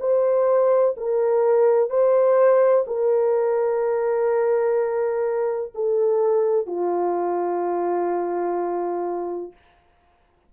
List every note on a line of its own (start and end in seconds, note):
0.00 0.95 C5
0.97 1.90 A#4
1.90 2.85 C5
2.87 5.73 A#4
5.75 6.67 A4
6.67 9.52 F4